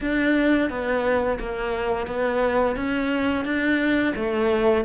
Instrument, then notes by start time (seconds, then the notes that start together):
cello
0.00 D4
0.69 B3
1.39 A#3
2.07 B3
2.76 C#4
3.45 D4
4.15 A3